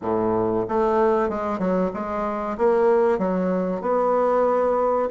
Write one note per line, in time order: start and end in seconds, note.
0.01 0.65 A2
0.68 1.29 A3
1.29 1.58 G#3
1.58 1.90 F#3
1.93 2.57 G#3
2.57 3.18 A#3
3.18 3.81 F#3
3.81 5.09 B3